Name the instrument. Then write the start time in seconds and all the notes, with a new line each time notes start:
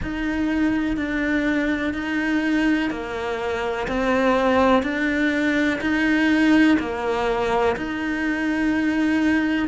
cello
0.02 D#4
0.96 D4
1.93 D#4
2.90 A#3
3.87 C4
4.82 D4
5.80 D#4
6.79 A#3
7.76 D#4